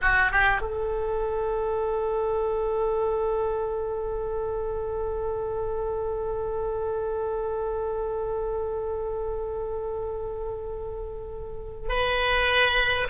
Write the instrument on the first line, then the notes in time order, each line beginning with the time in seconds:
oboe
0.01 F#4
0.31 G4
0.61 A4
11.88 B4